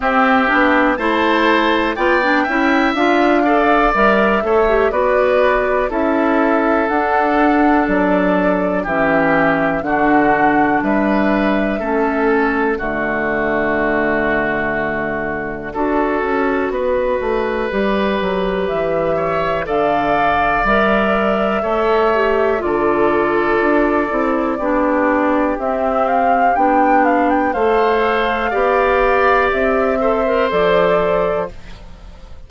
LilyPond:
<<
  \new Staff \with { instrumentName = "flute" } { \time 4/4 \tempo 4 = 61 e''4 a''4 g''4 f''4 | e''4 d''4 e''4 fis''4 | d''4 e''4 fis''4 e''4~ | e''8 d''2.~ d''8~ |
d''2. e''4 | f''4 e''2 d''4~ | d''2 e''8 f''8 g''8 f''16 g''16 | f''2 e''4 d''4 | }
  \new Staff \with { instrumentName = "oboe" } { \time 4/4 g'4 c''4 d''8 e''4 d''8~ | d''8 cis''8 b'4 a'2~ | a'4 g'4 fis'4 b'4 | a'4 fis'2. |
a'4 b'2~ b'8 cis''8 | d''2 cis''4 a'4~ | a'4 g'2. | c''4 d''4. c''4. | }
  \new Staff \with { instrumentName = "clarinet" } { \time 4/4 c'8 d'8 e'4 f'16 d'16 e'8 f'8 a'8 | ais'8 a'16 g'16 fis'4 e'4 d'4~ | d'4 cis'4 d'2 | cis'4 a2. |
fis'2 g'2 | a'4 ais'4 a'8 g'8 f'4~ | f'8 e'8 d'4 c'4 d'4 | a'4 g'4. a'16 ais'16 a'4 | }
  \new Staff \with { instrumentName = "bassoon" } { \time 4/4 c'8 b8 a4 b8 cis'8 d'4 | g8 a8 b4 cis'4 d'4 | fis4 e4 d4 g4 | a4 d2. |
d'8 cis'8 b8 a8 g8 fis8 e4 | d4 g4 a4 d4 | d'8 c'8 b4 c'4 b4 | a4 b4 c'4 f4 | }
>>